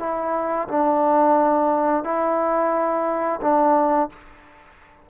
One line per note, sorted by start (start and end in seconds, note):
0.00 0.68 E4
0.68 2.04 D4
2.04 3.41 E4
3.42 4.10 D4